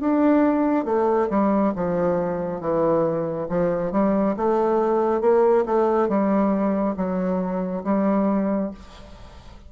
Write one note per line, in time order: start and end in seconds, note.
0.00 0.85 D4
0.85 1.28 A3
1.30 1.73 G3
1.75 2.60 F3
2.60 3.47 E3
3.48 3.91 F3
3.91 4.35 G3
4.36 5.21 A3
5.21 5.64 A#3
5.65 6.08 A3
6.08 6.95 G3
6.96 7.83 F#3
7.83 8.70 G3